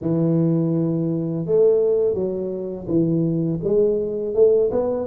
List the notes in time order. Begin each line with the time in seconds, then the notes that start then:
0.01 E3
1.46 A3
2.14 F#3
2.87 E3
3.63 G#3
4.34 A3
4.71 B3